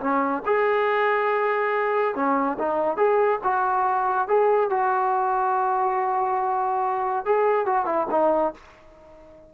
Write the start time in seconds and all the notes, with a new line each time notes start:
0.00 C#4
0.46 G#4
2.15 C#4
2.59 D#4
2.97 G#4
3.44 F#4
4.28 G#4
4.70 F#4
7.25 G#4
7.66 F#4
7.85 E4
8.11 D#4